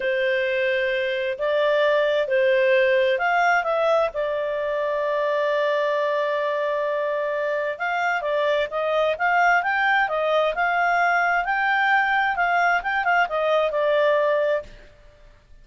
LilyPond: \new Staff \with { instrumentName = "clarinet" } { \time 4/4 \tempo 4 = 131 c''2. d''4~ | d''4 c''2 f''4 | e''4 d''2.~ | d''1~ |
d''4 f''4 d''4 dis''4 | f''4 g''4 dis''4 f''4~ | f''4 g''2 f''4 | g''8 f''8 dis''4 d''2 | }